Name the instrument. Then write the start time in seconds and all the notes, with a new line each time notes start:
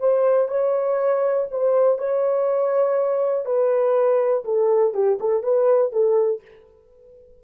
horn
0.00 C5
0.49 C#5
1.51 C5
1.98 C#5
3.46 B4
4.45 A4
4.94 G4
5.20 A4
5.43 B4
5.92 A4